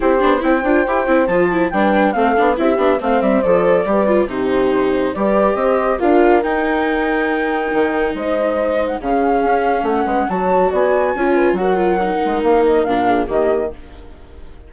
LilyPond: <<
  \new Staff \with { instrumentName = "flute" } { \time 4/4 \tempo 4 = 140 c''4 g''2 a''4 | g''4 f''4 e''4 f''8 e''8 | d''2 c''2 | d''4 dis''4 f''4 g''4~ |
g''2. dis''4~ | dis''8. fis''16 f''2 fis''4 | a''4 gis''2 fis''4~ | fis''4 f''8 dis''8 f''4 dis''4 | }
  \new Staff \with { instrumentName = "horn" } { \time 4/4 g'4 c''2. | b'4 a'4 g'4 c''4~ | c''4 b'4 g'2 | b'4 c''4 ais'2~ |
ais'2. c''4~ | c''4 gis'2 a'8 b'8 | cis''4 d''4 cis''8 b'8 ais'4~ | ais'2~ ais'8 gis'8 g'4 | }
  \new Staff \with { instrumentName = "viola" } { \time 4/4 e'8 d'8 e'8 f'8 g'8 e'8 f'8 e'8 | d'4 c'8 d'8 e'8 d'8 c'4 | a'4 g'8 f'8 dis'2 | g'2 f'4 dis'4~ |
dis'1~ | dis'4 cis'2. | fis'2 f'4 fis'8 f'8 | dis'2 d'4 ais4 | }
  \new Staff \with { instrumentName = "bassoon" } { \time 4/4 c'8 b8 c'8 d'8 e'8 c'8 f4 | g4 a8 b8 c'8 b8 a8 g8 | f4 g4 c2 | g4 c'4 d'4 dis'4~ |
dis'2 dis4 gis4~ | gis4 cis4 cis'4 a8 gis8 | fis4 b4 cis'4 fis4~ | fis8 gis8 ais4 ais,4 dis4 | }
>>